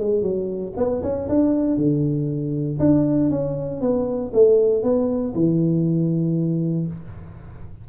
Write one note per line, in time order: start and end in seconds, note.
0.00 0.22 G#3
0.22 0.73 F#3
0.77 1.02 B3
1.03 1.28 C#4
1.29 1.77 D4
1.77 2.79 D3
2.79 3.30 D4
3.30 3.81 C#4
3.81 4.32 B3
4.34 4.83 A3
4.83 5.34 B3
5.35 6.87 E3